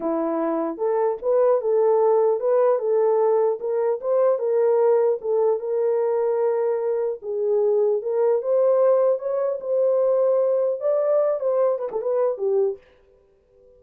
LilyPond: \new Staff \with { instrumentName = "horn" } { \time 4/4 \tempo 4 = 150 e'2 a'4 b'4 | a'2 b'4 a'4~ | a'4 ais'4 c''4 ais'4~ | ais'4 a'4 ais'2~ |
ais'2 gis'2 | ais'4 c''2 cis''4 | c''2. d''4~ | d''8 c''4 b'16 a'16 b'4 g'4 | }